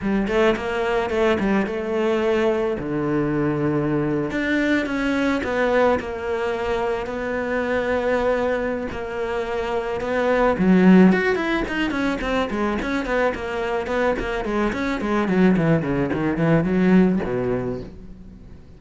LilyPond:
\new Staff \with { instrumentName = "cello" } { \time 4/4 \tempo 4 = 108 g8 a8 ais4 a8 g8 a4~ | a4 d2~ d8. d'16~ | d'8. cis'4 b4 ais4~ ais16~ | ais8. b2.~ b16 |
ais2 b4 fis4 | fis'8 e'8 dis'8 cis'8 c'8 gis8 cis'8 b8 | ais4 b8 ais8 gis8 cis'8 gis8 fis8 | e8 cis8 dis8 e8 fis4 b,4 | }